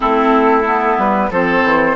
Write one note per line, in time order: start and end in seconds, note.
0.00 0.98 A3
0.00 0.63 C4
0.00 1.30 E4
0.00 0.98 A4
0.65 1.31 B3
0.98 1.30 G3
0.98 1.31 B4
1.30 1.63 F3
1.30 1.96 C4
1.30 1.96 A4
1.30 1.96 C5
1.64 1.96 E3